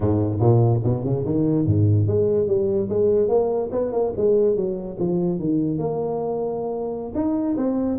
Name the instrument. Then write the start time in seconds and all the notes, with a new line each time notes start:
tuba
0.00 G#2
0.39 A#2
0.83 B2
1.03 C#3
1.25 D#3
1.66 G#2
2.07 G#3
2.47 G3
2.89 G#3
3.28 A#3
3.71 B3
3.92 A#3
4.16 G#3
4.56 F#3
4.99 F3
5.39 D#3
5.78 A#3
7.14 D#4
7.56 C4